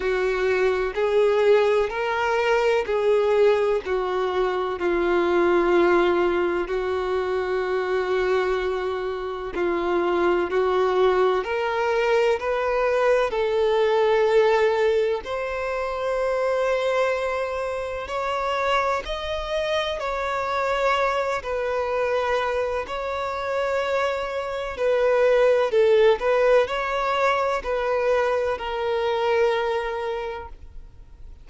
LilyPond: \new Staff \with { instrumentName = "violin" } { \time 4/4 \tempo 4 = 63 fis'4 gis'4 ais'4 gis'4 | fis'4 f'2 fis'4~ | fis'2 f'4 fis'4 | ais'4 b'4 a'2 |
c''2. cis''4 | dis''4 cis''4. b'4. | cis''2 b'4 a'8 b'8 | cis''4 b'4 ais'2 | }